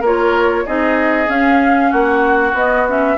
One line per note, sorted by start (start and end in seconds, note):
0.00 0.64 A#3
0.00 0.66 F4
0.00 0.63 A#4
0.00 0.66 C#5
0.66 1.28 C4
0.66 1.27 D#4
0.66 1.90 G#4
0.66 1.29 D#5
1.27 2.53 C#4
1.27 1.91 C#4
1.27 1.91 F5
1.90 2.53 A#3
1.90 3.16 F#4
1.90 2.54 F#5
2.53 3.16 B3
2.53 2.86 B3
2.53 2.87 D#5
2.87 3.17 C#4
2.87 3.17 E5